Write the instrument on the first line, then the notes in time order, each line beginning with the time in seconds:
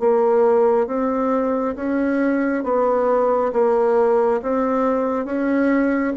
bassoon
0.00 A#3
0.87 C4
1.76 C#4
2.64 B3
3.53 A#3
4.42 C4
5.25 C#4